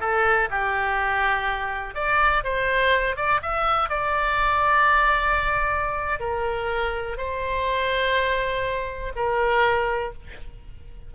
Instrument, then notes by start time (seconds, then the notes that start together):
oboe
0.00 A4
0.50 G4
1.95 D5
2.44 C5
3.16 D5
3.42 E5
3.89 D5
6.20 A#4
7.17 C5
9.16 A#4